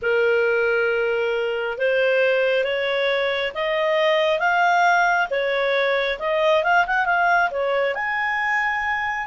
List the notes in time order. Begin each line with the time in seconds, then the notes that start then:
0.02 A#4
1.78 C5
2.64 C#5
3.54 D#5
4.39 F5
5.30 C#5
6.19 D#5
6.63 F5
6.86 F#5
7.05 F5
7.50 C#5
7.95 G#5